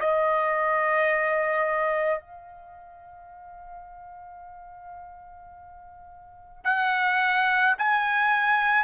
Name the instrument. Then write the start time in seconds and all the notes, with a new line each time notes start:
trumpet
0.00 D#5
2.21 F5
6.65 F#5
7.79 G#5